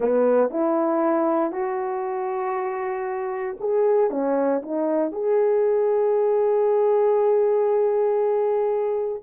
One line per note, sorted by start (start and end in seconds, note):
0.00 0.50 B3
0.50 1.52 E4
1.52 3.57 F#4
3.60 4.10 G#4
4.10 4.61 C#4
4.62 5.12 D#4
5.12 9.22 G#4